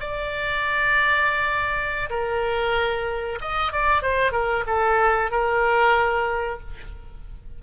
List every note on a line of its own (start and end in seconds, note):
0.00 2.10 D5
2.10 3.39 A#4
3.41 3.72 D#5
3.72 4.02 D5
4.02 4.32 C5
4.32 4.65 A#4
4.67 5.31 A4
5.31 6.60 A#4